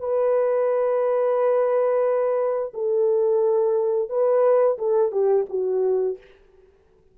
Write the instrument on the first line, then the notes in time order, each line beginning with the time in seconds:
horn
0.00 B4
2.74 A4
4.10 B4
4.79 A4
5.12 G4
5.50 F#4